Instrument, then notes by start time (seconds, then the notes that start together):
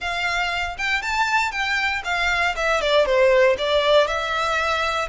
violin
0.00 F5
0.78 G5
1.01 A5
1.51 G5
2.04 F5
2.55 E5
2.81 D5
3.05 C5
3.58 D5
4.07 E5